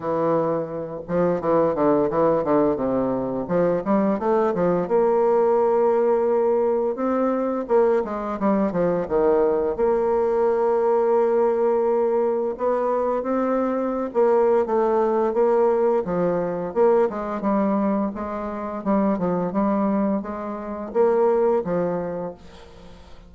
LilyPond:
\new Staff \with { instrumentName = "bassoon" } { \time 4/4 \tempo 4 = 86 e4. f8 e8 d8 e8 d8 | c4 f8 g8 a8 f8 ais4~ | ais2 c'4 ais8 gis8 | g8 f8 dis4 ais2~ |
ais2 b4 c'4~ | c'16 ais8. a4 ais4 f4 | ais8 gis8 g4 gis4 g8 f8 | g4 gis4 ais4 f4 | }